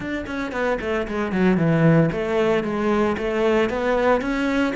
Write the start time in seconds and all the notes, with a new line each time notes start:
0.00 D4
0.26 C#4
0.51 B3
0.80 A3
1.07 G#3
1.32 F#3
1.57 E3
2.11 A3
2.63 G#3
3.17 A3
3.69 B3
4.21 C#4